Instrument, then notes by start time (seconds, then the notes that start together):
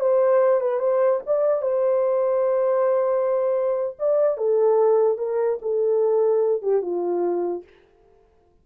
horn
0.00 C5
0.60 B4
0.79 C5
1.26 D5
1.62 C5
3.99 D5
4.37 A4
5.18 A#4
5.62 A4
6.62 G4
6.82 F4